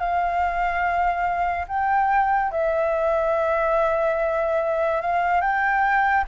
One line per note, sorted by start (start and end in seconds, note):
0.00 1.67 F5
1.69 2.52 G5
2.52 5.02 E5
5.02 5.41 F5
5.41 6.25 G5